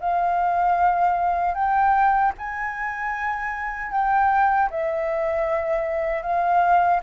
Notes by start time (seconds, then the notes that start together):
0.00 F5
1.54 G5
2.38 G#5
3.91 G5
4.70 E5
6.22 F5